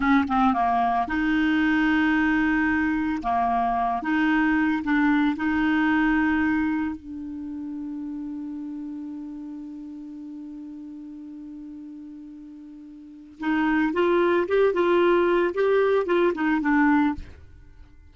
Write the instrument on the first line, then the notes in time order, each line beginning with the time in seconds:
clarinet
0.00 C#4
0.28 C4
0.53 A#3
1.07 D#4
3.22 A#3
4.02 D#4
4.83 D4
5.36 D#4
6.95 D4
13.39 D#4
13.93 F4
14.48 G4
14.73 F4
15.54 G4
16.05 F4
16.34 D#4
16.61 D4